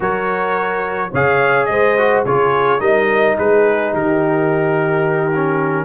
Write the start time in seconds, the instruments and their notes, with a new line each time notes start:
0.00 tuba F#3, trombone F#4, horn A#4, trumpet C#5
1.11 tuba C#3, trombone G#4, horn C#5, trumpet F5
1.65 tuba G#3, horn C5, trumpet D#5
1.97 trombone F#4
2.25 tuba C#3, trombone F4, horn G#4, trumpet C#5
2.79 tuba G3, trombone D#4, horn A#4, trumpet D#5
3.37 tuba G#3, horn G#4, trumpet B4
3.93 tuba D#3, horn G4, trumpet A#4
5.35 trombone C#4